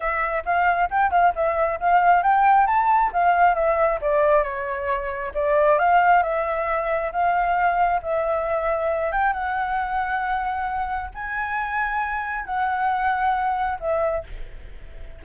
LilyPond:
\new Staff \with { instrumentName = "flute" } { \time 4/4 \tempo 4 = 135 e''4 f''4 g''8 f''8 e''4 | f''4 g''4 a''4 f''4 | e''4 d''4 cis''2 | d''4 f''4 e''2 |
f''2 e''2~ | e''8 g''8 fis''2.~ | fis''4 gis''2. | fis''2. e''4 | }